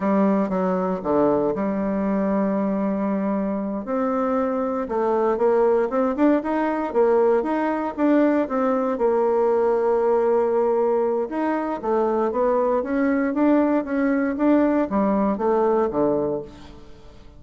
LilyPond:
\new Staff \with { instrumentName = "bassoon" } { \time 4/4 \tempo 4 = 117 g4 fis4 d4 g4~ | g2.~ g8 c'8~ | c'4. a4 ais4 c'8 | d'8 dis'4 ais4 dis'4 d'8~ |
d'8 c'4 ais2~ ais8~ | ais2 dis'4 a4 | b4 cis'4 d'4 cis'4 | d'4 g4 a4 d4 | }